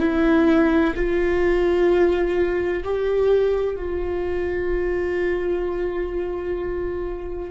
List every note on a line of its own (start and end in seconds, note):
0.00 0.94 E4
0.96 2.83 F4
2.84 3.76 G4
3.76 7.51 F4